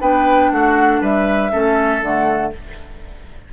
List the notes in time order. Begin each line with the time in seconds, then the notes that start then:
0.00 B3 D4 B4 G5
0.51 A3 F#4 F#5
1.01 G3 B4 E5
1.51 A3 C#4 A4
2.02 D3 A3 F#5